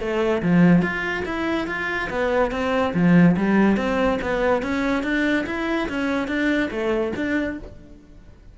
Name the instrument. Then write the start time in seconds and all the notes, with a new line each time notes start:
cello
0.00 A3
0.43 F3
0.82 F4
1.25 E4
1.67 F4
2.10 B3
2.51 C4
2.94 F3
3.37 G3
3.77 C4
4.21 B3
4.62 C#4
5.03 D4
5.46 E4
5.89 C#4
6.27 D4
6.71 A3
7.16 D4